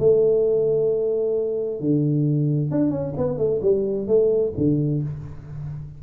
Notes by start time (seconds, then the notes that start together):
0.00 A3
1.81 D3
2.71 D4
2.91 C#4
3.18 B3
3.38 A3
3.62 G3
4.08 A3
4.58 D3